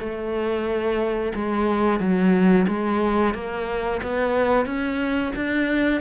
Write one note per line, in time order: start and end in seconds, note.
0.00 1.33 A3
1.35 2.00 G#3
2.00 2.67 F#3
2.68 3.35 G#3
3.35 4.01 A#3
4.03 4.66 B3
4.66 5.33 C#4
5.36 6.02 D4